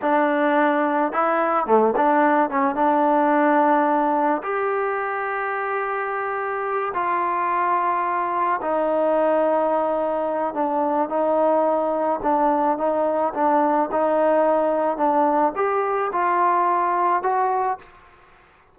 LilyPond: \new Staff \with { instrumentName = "trombone" } { \time 4/4 \tempo 4 = 108 d'2 e'4 a8 d'8~ | d'8 cis'8 d'2. | g'1~ | g'8 f'2. dis'8~ |
dis'2. d'4 | dis'2 d'4 dis'4 | d'4 dis'2 d'4 | g'4 f'2 fis'4 | }